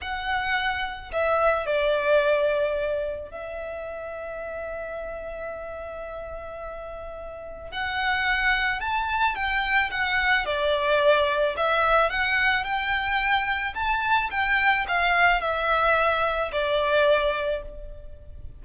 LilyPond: \new Staff \with { instrumentName = "violin" } { \time 4/4 \tempo 4 = 109 fis''2 e''4 d''4~ | d''2 e''2~ | e''1~ | e''2 fis''2 |
a''4 g''4 fis''4 d''4~ | d''4 e''4 fis''4 g''4~ | g''4 a''4 g''4 f''4 | e''2 d''2 | }